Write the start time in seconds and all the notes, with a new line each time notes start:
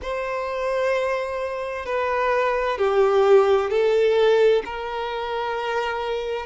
0.02 C5
1.85 B4
2.78 G4
3.70 A4
4.64 A#4